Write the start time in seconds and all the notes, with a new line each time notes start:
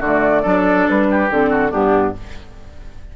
0.00 D3 A3 F#4 D5
0.42 F#3 D4 A4
0.89 G3 B4
1.11 G4
1.30 D3 C4 A4
1.51 F#4
1.71 G2 B3 D4 G4